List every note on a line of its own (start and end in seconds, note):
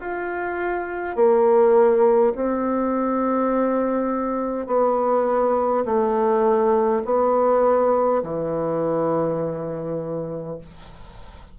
0.00 1.16 F4
1.16 2.33 A#3
2.35 4.66 C4
4.66 5.84 B3
5.84 7.02 A3
7.04 8.22 B3
8.22 10.58 E3